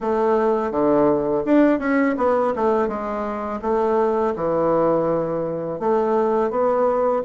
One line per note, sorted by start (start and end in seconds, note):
0.00 0.71 A3
0.71 1.43 D3
1.45 1.79 D4
1.79 2.15 C#4
2.17 2.53 B3
2.55 2.88 A3
2.88 3.60 G#3
3.61 4.33 A3
4.35 5.79 E3
5.79 6.50 A3
6.50 7.22 B3